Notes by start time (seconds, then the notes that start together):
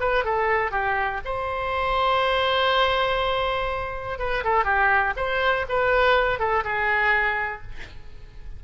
0.00 B4
0.24 A4
0.71 G4
1.25 C5
4.19 B4
4.44 A4
4.64 G4
5.16 C5
5.69 B4
6.39 A4
6.64 G#4